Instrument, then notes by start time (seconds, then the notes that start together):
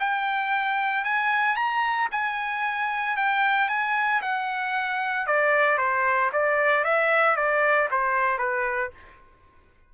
trumpet
0.00 G5
1.04 G#5
1.56 A#5
2.11 G#5
3.17 G5
3.69 G#5
4.22 F#5
5.27 D5
5.78 C5
6.33 D5
6.84 E5
7.36 D5
7.91 C5
8.38 B4